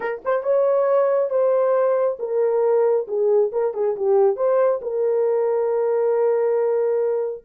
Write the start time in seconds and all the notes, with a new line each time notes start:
0.00 A#4
0.24 C5
0.43 C#5
1.30 C5
2.19 A#4
3.07 G#4
3.52 A#4
3.74 G#4
3.96 G4
4.36 C5
4.81 A#4